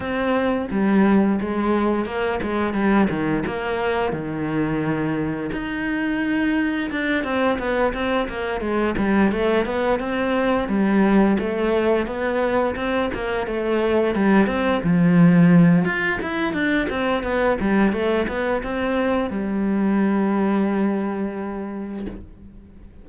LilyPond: \new Staff \with { instrumentName = "cello" } { \time 4/4 \tempo 4 = 87 c'4 g4 gis4 ais8 gis8 | g8 dis8 ais4 dis2 | dis'2 d'8 c'8 b8 c'8 | ais8 gis8 g8 a8 b8 c'4 g8~ |
g8 a4 b4 c'8 ais8 a8~ | a8 g8 c'8 f4. f'8 e'8 | d'8 c'8 b8 g8 a8 b8 c'4 | g1 | }